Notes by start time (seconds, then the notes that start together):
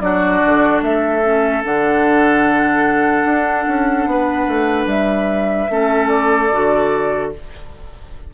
0.00 F#3 D4 F#4 D5
0.45 D3
0.82 A3 A4 E5
1.23 C#4
1.63 D3 D4 F#5
3.25 D4
3.68 C#4
4.06 B3 B4
4.48 A3
4.86 G3 E5
5.69 A3 C#4 A4
6.08 D5
6.52 D3 F#4